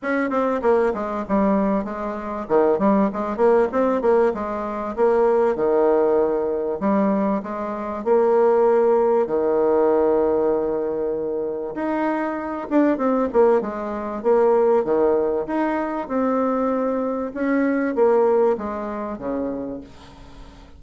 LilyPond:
\new Staff \with { instrumentName = "bassoon" } { \time 4/4 \tempo 4 = 97 cis'8 c'8 ais8 gis8 g4 gis4 | dis8 g8 gis8 ais8 c'8 ais8 gis4 | ais4 dis2 g4 | gis4 ais2 dis4~ |
dis2. dis'4~ | dis'8 d'8 c'8 ais8 gis4 ais4 | dis4 dis'4 c'2 | cis'4 ais4 gis4 cis4 | }